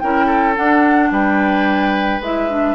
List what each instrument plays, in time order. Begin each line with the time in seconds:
0.00 bassoon C#4, clarinet E4, oboe A#4, flute G5
0.26 oboe A4
0.55 clarinet D4, bassoon D4, flute F#5
1.11 bassoon G3, oboe B4, flute G5
2.20 bassoon G#3, clarinet E4, flute E5
2.50 clarinet D4